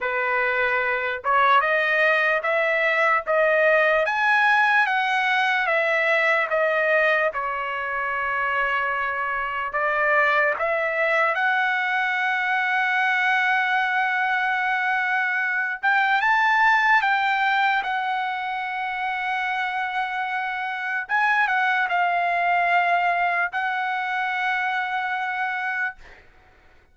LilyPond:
\new Staff \with { instrumentName = "trumpet" } { \time 4/4 \tempo 4 = 74 b'4. cis''8 dis''4 e''4 | dis''4 gis''4 fis''4 e''4 | dis''4 cis''2. | d''4 e''4 fis''2~ |
fis''2.~ fis''8 g''8 | a''4 g''4 fis''2~ | fis''2 gis''8 fis''8 f''4~ | f''4 fis''2. | }